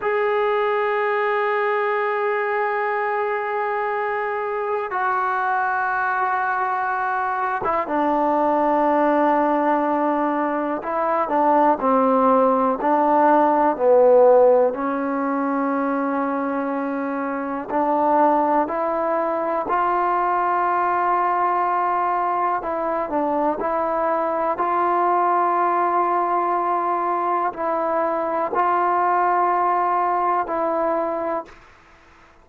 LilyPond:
\new Staff \with { instrumentName = "trombone" } { \time 4/4 \tempo 4 = 61 gis'1~ | gis'4 fis'2~ fis'8. e'16 | d'2. e'8 d'8 | c'4 d'4 b4 cis'4~ |
cis'2 d'4 e'4 | f'2. e'8 d'8 | e'4 f'2. | e'4 f'2 e'4 | }